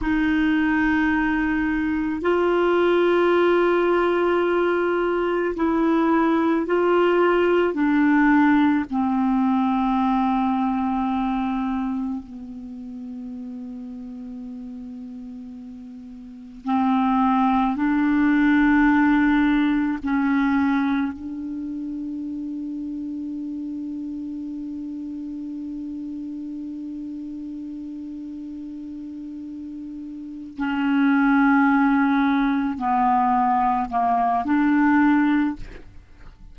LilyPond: \new Staff \with { instrumentName = "clarinet" } { \time 4/4 \tempo 4 = 54 dis'2 f'2~ | f'4 e'4 f'4 d'4 | c'2. b4~ | b2. c'4 |
d'2 cis'4 d'4~ | d'1~ | d'2.~ d'8 cis'8~ | cis'4. b4 ais8 d'4 | }